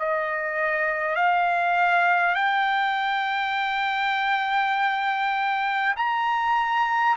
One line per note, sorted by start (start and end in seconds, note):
0.00 1.16 D#5
1.16 2.35 F5
2.35 5.95 G5
5.97 7.17 A#5